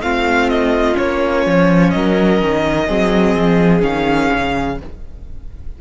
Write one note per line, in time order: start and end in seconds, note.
0.00 0.95 A3
0.00 0.93 C4
0.00 1.93 F4
0.00 0.49 F5
0.49 0.97 D#5
0.93 1.46 A#3
0.93 2.83 C#4
0.93 1.91 C#5
1.46 1.93 F3
1.91 2.41 F#3
1.91 2.85 A#4
1.91 3.81 D#5
2.41 2.89 D#3
2.85 3.35 F#3
2.85 3.79 C4
2.85 4.76 G#4
3.35 3.82 F3
3.79 4.30 D#3
3.79 4.74 C#4
3.79 4.78 F5
4.33 4.81 C#3